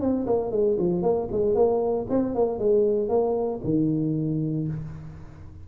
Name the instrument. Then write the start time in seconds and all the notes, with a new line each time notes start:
tuba
0.00 C4
0.26 A#3
0.51 G#3
0.79 F3
1.02 A#3
1.31 G#3
1.54 A#3
2.09 C4
2.34 A#3
2.59 G#3
3.08 A#3
3.64 D#3